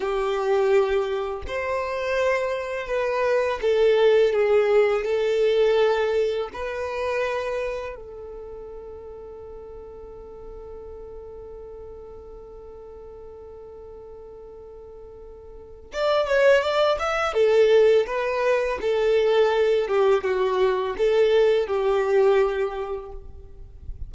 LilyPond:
\new Staff \with { instrumentName = "violin" } { \time 4/4 \tempo 4 = 83 g'2 c''2 | b'4 a'4 gis'4 a'4~ | a'4 b'2 a'4~ | a'1~ |
a'1~ | a'2 d''8 cis''8 d''8 e''8 | a'4 b'4 a'4. g'8 | fis'4 a'4 g'2 | }